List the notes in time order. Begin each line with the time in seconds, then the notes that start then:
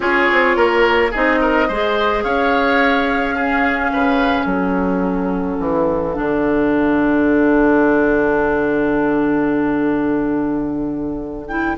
0.00 C#4 F4 G#4 C#5
0.31 C4
0.56 A#3 A#4
1.11 C4 D#4 G#4 D#5
1.41 A#4
1.68 G#3 G#4 C5
2.23 C#4 C#5 F5
3.35 C#4 G#4
3.92 C#3 B4
4.45 F#3 A4 F#5
5.59 E3
6.13 D3 D4
11.48 E4 G5